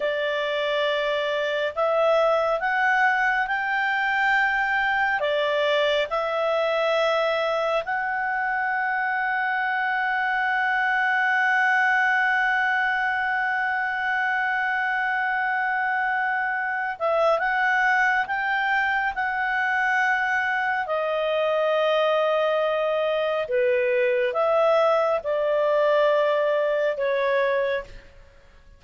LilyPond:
\new Staff \with { instrumentName = "clarinet" } { \time 4/4 \tempo 4 = 69 d''2 e''4 fis''4 | g''2 d''4 e''4~ | e''4 fis''2.~ | fis''1~ |
fis''2.~ fis''8 e''8 | fis''4 g''4 fis''2 | dis''2. b'4 | e''4 d''2 cis''4 | }